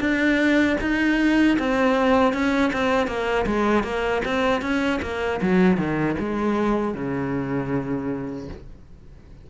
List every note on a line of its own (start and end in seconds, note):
0.00 0.77 D4
0.81 1.58 D#4
1.59 2.34 C4
2.34 2.72 C#4
2.73 3.08 C4
3.08 3.46 A#3
3.47 3.84 G#3
3.84 4.22 A#3
4.25 4.62 C4
4.62 5.00 C#4
5.02 5.41 A#3
5.42 5.78 F#3
5.78 6.16 D#3
6.20 6.95 G#3
6.95 8.49 C#3